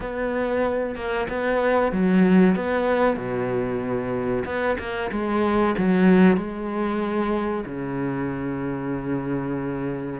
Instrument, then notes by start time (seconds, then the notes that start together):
cello
0.00 B3
0.95 A#3
1.29 B3
1.91 F#3
2.55 B3
3.16 B2
4.45 B3
4.78 A#3
5.11 G#3
5.78 F#3
6.36 G#3
7.65 C#3